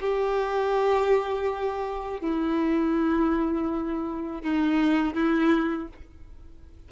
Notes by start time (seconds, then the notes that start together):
0.00 G4
2.21 E4
4.42 D#4
5.15 E4